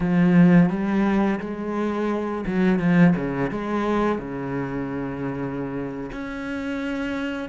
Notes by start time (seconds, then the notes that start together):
0.00 F3
0.69 G3
1.40 G#3
2.46 F#3
2.79 F3
3.16 C#3
3.50 G#3
4.18 C#3
6.12 C#4